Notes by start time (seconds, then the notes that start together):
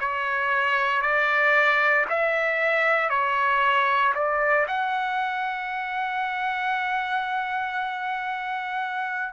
0.00 C#5
1.02 D5
2.10 E5
3.10 C#5
4.15 D5
4.68 F#5